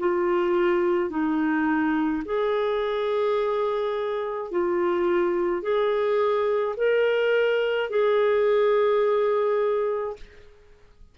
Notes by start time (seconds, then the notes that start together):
0.00 F4
1.10 D#4
2.25 G#4
4.51 F4
5.62 G#4
6.77 A#4
7.90 G#4